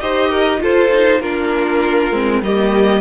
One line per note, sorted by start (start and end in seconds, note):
0.00 0.61 D#4
0.00 0.58 G4
0.00 0.29 C5
0.00 0.61 D#5
0.29 0.59 A#4
0.58 0.89 F4
0.58 1.20 F4
0.58 1.21 A4
0.58 1.21 C5
0.92 1.22 D#4
1.20 2.11 A#3
1.20 2.12 D4
1.20 2.42 F4
1.20 2.42 A#4
2.11 2.41 G#3
2.11 2.42 C4
2.41 3.00 G3
2.41 3.00 A#3
2.41 3.00 G4
2.41 3.00 D#5